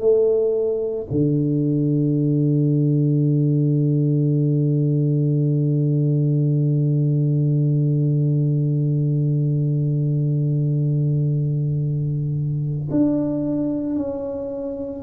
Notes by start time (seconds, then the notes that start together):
0.00 A3
1.11 D3
12.91 D4
13.96 C#4